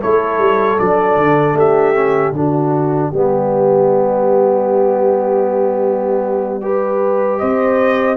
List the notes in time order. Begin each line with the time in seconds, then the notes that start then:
0.00 A3 E4 A4 C#5
0.38 G3
0.79 F#3 D4 D5
1.17 D3
1.54 A3 G4 E5
1.94 C#4
2.33 D3 D4 F#4 D5
3.10 G3 B3 G4
6.62 G4 B4
7.38 C4 C5 D#5